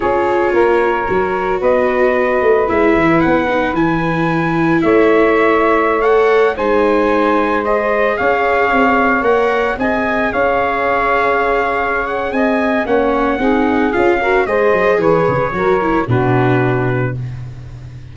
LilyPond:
<<
  \new Staff \with { instrumentName = "trumpet" } { \time 4/4 \tempo 4 = 112 cis''2. dis''4~ | dis''4 e''4 fis''4 gis''4~ | gis''4 e''2~ e''16 fis''8.~ | fis''16 gis''2 dis''4 f''8.~ |
f''4~ f''16 fis''4 gis''4 f''8.~ | f''2~ f''8 fis''8 gis''4 | fis''2 f''4 dis''4 | cis''2 b'2 | }
  \new Staff \with { instrumentName = "saxophone" } { \time 4/4 gis'4 ais'2 b'4~ | b'1~ | b'4 cis''2.~ | cis''16 c''2. cis''8.~ |
cis''2~ cis''16 dis''4 cis''8.~ | cis''2. dis''4 | cis''4 gis'4. ais'8 c''4 | b'4 ais'4 fis'2 | }
  \new Staff \with { instrumentName = "viola" } { \time 4/4 f'2 fis'2~ | fis'4 e'4. dis'8 e'4~ | e'2.~ e'16 a'8.~ | a'16 dis'2 gis'4.~ gis'16~ |
gis'4~ gis'16 ais'4 gis'4.~ gis'16~ | gis'1 | cis'4 dis'4 f'8 fis'8 gis'4~ | gis'4 fis'8 e'8 d'2 | }
  \new Staff \with { instrumentName = "tuba" } { \time 4/4 cis'4 ais4 fis4 b4~ | b8 a8 gis8 e8 b4 e4~ | e4 a2.~ | a16 gis2. cis'8.~ |
cis'16 c'4 ais4 c'4 cis'8.~ | cis'2. c'4 | ais4 c'4 cis'4 gis8 fis8 | e8 cis8 fis4 b,2 | }
>>